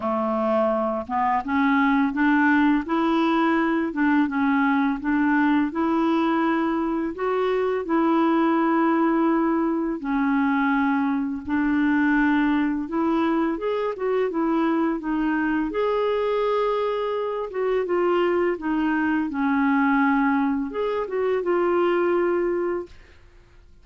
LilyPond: \new Staff \with { instrumentName = "clarinet" } { \time 4/4 \tempo 4 = 84 a4. b8 cis'4 d'4 | e'4. d'8 cis'4 d'4 | e'2 fis'4 e'4~ | e'2 cis'2 |
d'2 e'4 gis'8 fis'8 | e'4 dis'4 gis'2~ | gis'8 fis'8 f'4 dis'4 cis'4~ | cis'4 gis'8 fis'8 f'2 | }